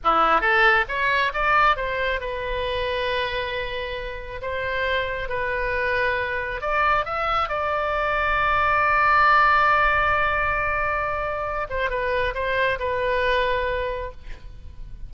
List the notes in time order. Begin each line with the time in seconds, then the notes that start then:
0.03 E4
0.41 A4
0.88 C#5
1.33 D5
1.76 C5
2.20 B4
4.41 C5
5.28 B4
6.61 D5
7.05 E5
7.48 D5
11.69 C5
11.89 B4
12.34 C5
12.79 B4